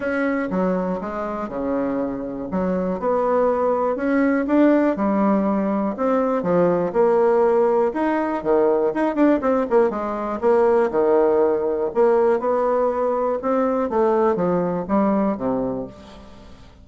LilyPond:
\new Staff \with { instrumentName = "bassoon" } { \time 4/4 \tempo 4 = 121 cis'4 fis4 gis4 cis4~ | cis4 fis4 b2 | cis'4 d'4 g2 | c'4 f4 ais2 |
dis'4 dis4 dis'8 d'8 c'8 ais8 | gis4 ais4 dis2 | ais4 b2 c'4 | a4 f4 g4 c4 | }